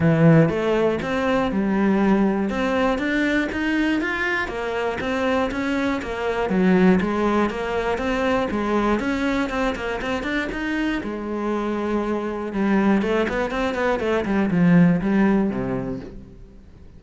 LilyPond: \new Staff \with { instrumentName = "cello" } { \time 4/4 \tempo 4 = 120 e4 a4 c'4 g4~ | g4 c'4 d'4 dis'4 | f'4 ais4 c'4 cis'4 | ais4 fis4 gis4 ais4 |
c'4 gis4 cis'4 c'8 ais8 | c'8 d'8 dis'4 gis2~ | gis4 g4 a8 b8 c'8 b8 | a8 g8 f4 g4 c4 | }